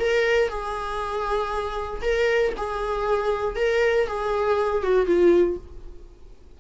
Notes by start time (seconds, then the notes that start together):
0.00 A#4
0.49 G#4
2.02 A#4
2.57 G#4
3.56 A#4
4.07 G#4
4.83 F#4
5.06 F4